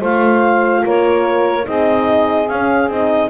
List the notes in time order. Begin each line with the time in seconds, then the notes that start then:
0.00 A3 F4 C5 F5
0.83 A#3 A#4 C#5
1.64 C4 D#4 G#4 D#5
2.48 C#4 F5
2.88 C4 D#4 D#5